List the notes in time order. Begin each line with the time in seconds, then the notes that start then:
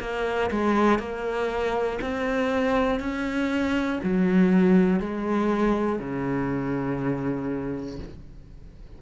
0.00 A#3
0.51 G#3
0.99 A#3
2.02 C4
3.00 C#4
4.04 F#3
5.00 G#3
6.00 C#3